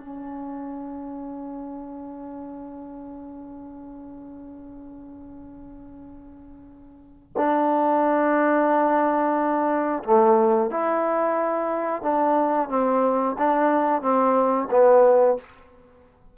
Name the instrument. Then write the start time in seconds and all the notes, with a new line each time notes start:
trombone
0.00 C#4
7.37 D4
10.04 A3
10.71 E4
12.03 D4
12.69 C4
13.39 D4
14.02 C4
14.71 B3